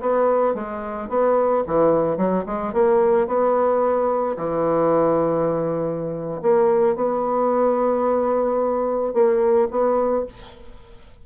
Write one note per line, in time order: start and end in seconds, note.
0.00 0.54 B3
0.54 1.09 G#3
1.09 1.63 B3
1.67 2.17 E3
2.17 2.44 F#3
2.45 2.73 G#3
2.73 3.27 A#3
3.27 4.36 B3
4.36 6.41 E3
6.42 6.95 A#3
6.95 9.13 B3
9.13 9.68 A#3
9.70 10.25 B3